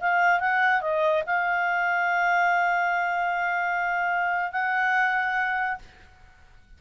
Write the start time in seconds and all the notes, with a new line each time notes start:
0.00 F5
0.40 F#5
0.81 D#5
1.26 F5
4.51 F#5